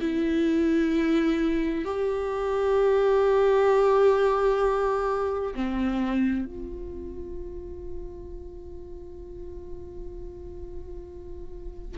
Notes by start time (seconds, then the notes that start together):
0.00 E4
1.84 G4
5.54 C4
6.45 F4